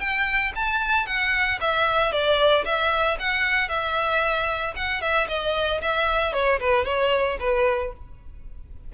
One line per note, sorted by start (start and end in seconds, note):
0.00 0.53 G5
0.56 1.06 A5
1.06 1.59 F#5
1.61 2.12 E5
2.12 2.65 D5
2.65 3.18 E5
3.20 3.69 F#5
3.69 4.74 E5
4.76 5.01 F#5
5.01 5.28 E5
5.29 5.81 D#5
5.82 6.33 E5
6.33 6.60 C#5
6.60 6.85 B4
6.85 7.38 C#5
7.40 7.93 B4